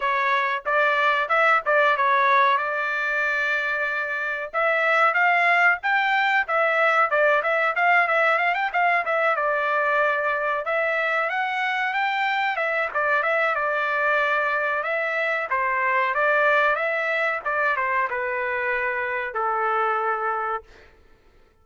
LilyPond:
\new Staff \with { instrumentName = "trumpet" } { \time 4/4 \tempo 4 = 93 cis''4 d''4 e''8 d''8 cis''4 | d''2. e''4 | f''4 g''4 e''4 d''8 e''8 | f''8 e''8 f''16 g''16 f''8 e''8 d''4.~ |
d''8 e''4 fis''4 g''4 e''8 | d''8 e''8 d''2 e''4 | c''4 d''4 e''4 d''8 c''8 | b'2 a'2 | }